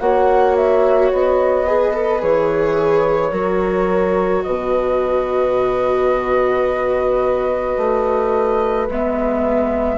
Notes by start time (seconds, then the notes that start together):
0.00 A#3 F#4 C#5 F#5
0.56 E5
1.12 B3 D#5
1.66 G#4 B4
1.94 A4
2.20 E3 G#4 C#5
3.31 F#3 F#4 A#4
4.43 B2 B4 D#5
7.77 A3
8.89 G#3 B3 E5